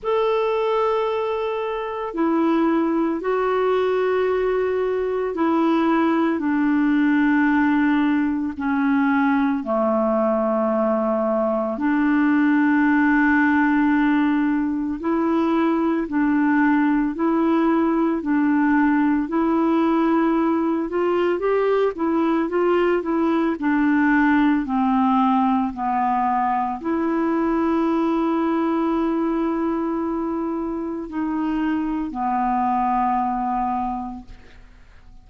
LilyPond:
\new Staff \with { instrumentName = "clarinet" } { \time 4/4 \tempo 4 = 56 a'2 e'4 fis'4~ | fis'4 e'4 d'2 | cis'4 a2 d'4~ | d'2 e'4 d'4 |
e'4 d'4 e'4. f'8 | g'8 e'8 f'8 e'8 d'4 c'4 | b4 e'2.~ | e'4 dis'4 b2 | }